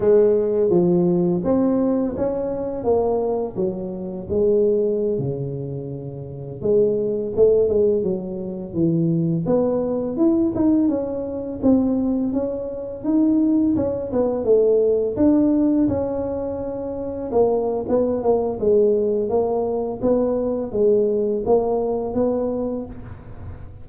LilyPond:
\new Staff \with { instrumentName = "tuba" } { \time 4/4 \tempo 4 = 84 gis4 f4 c'4 cis'4 | ais4 fis4 gis4~ gis16 cis8.~ | cis4~ cis16 gis4 a8 gis8 fis8.~ | fis16 e4 b4 e'8 dis'8 cis'8.~ |
cis'16 c'4 cis'4 dis'4 cis'8 b16~ | b16 a4 d'4 cis'4.~ cis'16~ | cis'16 ais8. b8 ais8 gis4 ais4 | b4 gis4 ais4 b4 | }